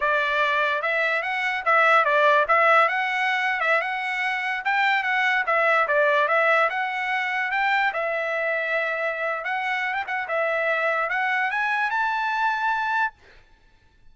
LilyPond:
\new Staff \with { instrumentName = "trumpet" } { \time 4/4 \tempo 4 = 146 d''2 e''4 fis''4 | e''4 d''4 e''4 fis''4~ | fis''8. e''8 fis''2 g''8.~ | g''16 fis''4 e''4 d''4 e''8.~ |
e''16 fis''2 g''4 e''8.~ | e''2. fis''4~ | fis''16 g''16 fis''8 e''2 fis''4 | gis''4 a''2. | }